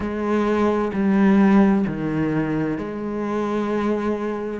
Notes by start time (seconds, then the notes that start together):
0.00 G#3
0.93 G3
1.87 D#3
2.77 G#3